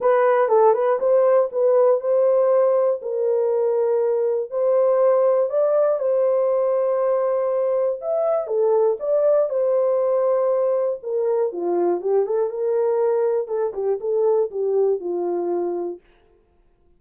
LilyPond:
\new Staff \with { instrumentName = "horn" } { \time 4/4 \tempo 4 = 120 b'4 a'8 b'8 c''4 b'4 | c''2 ais'2~ | ais'4 c''2 d''4 | c''1 |
e''4 a'4 d''4 c''4~ | c''2 ais'4 f'4 | g'8 a'8 ais'2 a'8 g'8 | a'4 g'4 f'2 | }